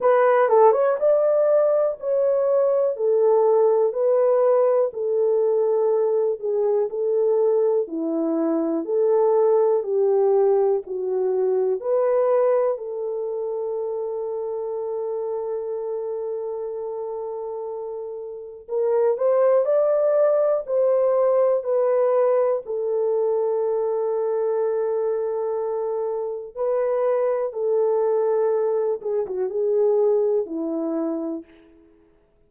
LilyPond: \new Staff \with { instrumentName = "horn" } { \time 4/4 \tempo 4 = 61 b'8 a'16 cis''16 d''4 cis''4 a'4 | b'4 a'4. gis'8 a'4 | e'4 a'4 g'4 fis'4 | b'4 a'2.~ |
a'2. ais'8 c''8 | d''4 c''4 b'4 a'4~ | a'2. b'4 | a'4. gis'16 fis'16 gis'4 e'4 | }